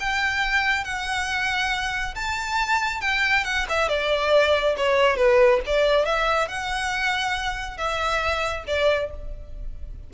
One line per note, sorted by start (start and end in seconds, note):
0.00 0.85 G5
0.85 2.15 F#5
2.15 3.02 A5
3.02 3.45 G5
3.45 3.66 F#5
3.69 3.89 E5
3.89 4.76 D5
4.77 5.17 C#5
5.17 5.61 B4
5.67 6.06 D5
6.06 6.49 E5
6.49 7.78 F#5
7.78 8.65 E5
8.67 9.11 D5